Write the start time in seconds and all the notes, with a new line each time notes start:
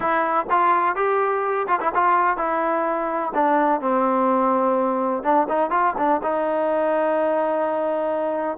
0.00 E4
0.50 F4
0.95 G4
1.67 F4
1.80 E4
1.94 F4
2.37 E4
3.34 D4
3.80 C4
5.23 D4
5.48 D#4
5.70 F4
5.97 D4
6.23 D#4